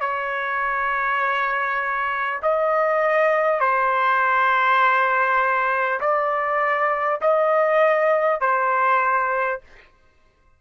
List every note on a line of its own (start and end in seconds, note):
0.00 2.40 C#5
2.42 3.59 D#5
3.59 5.99 C5
6.00 7.20 D5
7.21 8.40 D#5
8.40 9.60 C5